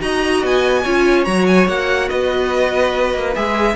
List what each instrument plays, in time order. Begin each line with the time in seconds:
0.00 cello D#4, viola F#4, violin D#5 A#5
0.43 cello B3, violin G#5
0.84 cello C#4, viola F4, violin C#5
1.24 cello F#3, viola F#4, violin A#5
1.47 violin G#5
1.68 cello A#3, violin F#5
2.09 cello B3, violin B4 D#5
3.15 cello A#3
3.35 cello G#3, viola G#4, violin E5